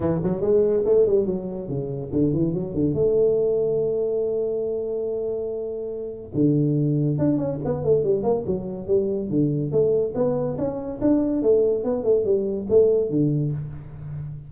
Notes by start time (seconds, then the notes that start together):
0.00 E3
0.23 F#3
0.41 G#3
0.85 A3
1.06 G3
1.26 F#3
1.68 C#3
2.12 D3
2.33 E3
2.53 F#3
2.73 D3
2.94 A3
6.34 D3
7.18 D4
7.37 C#4
7.65 B3
7.84 A3
8.04 G3
8.23 A#3
8.46 F#3
8.87 G3
9.29 D3
9.71 A3
10.14 B3
10.57 C#4
11.01 D4
11.42 A3
11.84 B3
12.03 A3
12.24 G3
12.69 A3
13.09 D3